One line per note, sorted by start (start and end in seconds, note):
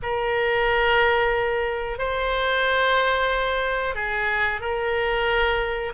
0.02 1.98 A#4
1.98 3.94 C5
3.94 4.60 G#4
4.61 5.93 A#4